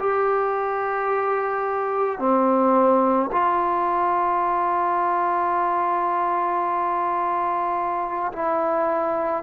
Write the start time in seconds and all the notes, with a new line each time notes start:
0.00 G4
2.19 C4
3.32 F4
8.33 E4